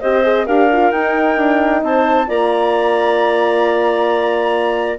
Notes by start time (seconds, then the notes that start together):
0.00 C4 G4 C5 D#5
0.23 G#4
0.46 D4 G4 A#4 F5
0.72 F4
0.91 D#4 G5
1.37 D4
1.83 C4 C5 A5
2.27 A#3 F4 D5 A#5